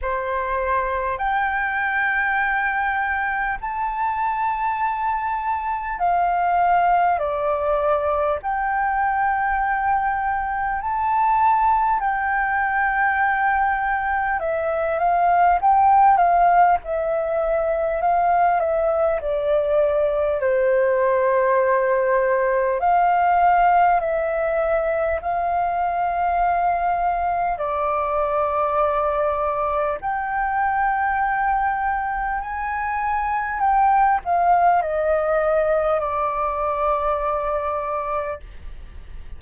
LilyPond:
\new Staff \with { instrumentName = "flute" } { \time 4/4 \tempo 4 = 50 c''4 g''2 a''4~ | a''4 f''4 d''4 g''4~ | g''4 a''4 g''2 | e''8 f''8 g''8 f''8 e''4 f''8 e''8 |
d''4 c''2 f''4 | e''4 f''2 d''4~ | d''4 g''2 gis''4 | g''8 f''8 dis''4 d''2 | }